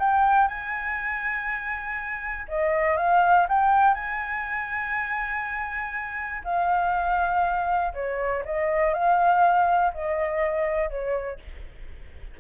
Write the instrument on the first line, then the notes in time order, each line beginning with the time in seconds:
flute
0.00 G5
0.48 G#5
2.49 D#5
2.98 F5
3.49 G5
3.95 G#5
6.45 F5
7.94 C#5
8.46 D#5
8.94 F5
9.94 D#5
10.90 C#5